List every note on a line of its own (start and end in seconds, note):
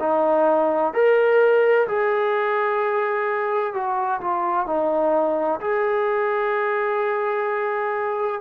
0.00 0.94 D#4
0.94 1.87 A#4
1.88 3.74 G#4
3.74 4.21 F#4
4.21 4.67 F4
4.67 5.60 D#4
5.60 8.41 G#4